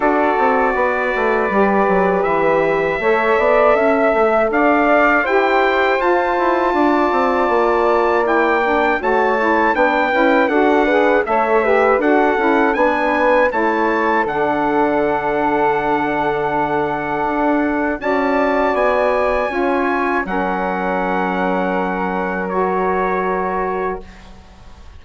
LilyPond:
<<
  \new Staff \with { instrumentName = "trumpet" } { \time 4/4 \tempo 4 = 80 d''2. e''4~ | e''2 f''4 g''4 | a''2. g''4 | a''4 g''4 fis''4 e''4 |
fis''4 gis''4 a''4 fis''4~ | fis''1 | a''4 gis''2 fis''4~ | fis''2 cis''2 | }
  \new Staff \with { instrumentName = "flute" } { \time 4/4 a'4 b'2. | cis''8 d''8 e''4 d''4 c''4~ | c''4 d''2. | cis''4 b'4 a'8 b'8 cis''8 b'8 |
a'4 b'4 cis''4 a'4~ | a'1 | d''2 cis''4 ais'4~ | ais'1 | }
  \new Staff \with { instrumentName = "saxophone" } { \time 4/4 fis'2 g'2 | a'2. g'4 | f'2. e'8 d'8 | fis'8 e'8 d'8 e'8 fis'8 gis'8 a'8 g'8 |
fis'8 e'8 d'4 e'4 d'4~ | d'1 | fis'2 f'4 cis'4~ | cis'2 fis'2 | }
  \new Staff \with { instrumentName = "bassoon" } { \time 4/4 d'8 c'8 b8 a8 g8 fis8 e4 | a8 b8 cis'8 a8 d'4 e'4 | f'8 e'8 d'8 c'8 ais2 | a4 b8 cis'8 d'4 a4 |
d'8 cis'8 b4 a4 d4~ | d2. d'4 | cis'4 b4 cis'4 fis4~ | fis1 | }
>>